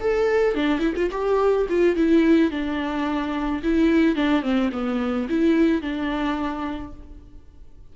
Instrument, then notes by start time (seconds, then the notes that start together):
viola
0.00 A4
0.55 D4
0.79 E4
0.96 F4
1.11 G4
1.69 F4
1.96 E4
2.51 D4
3.63 E4
4.15 D4
4.42 C4
4.72 B3
5.29 E4
5.81 D4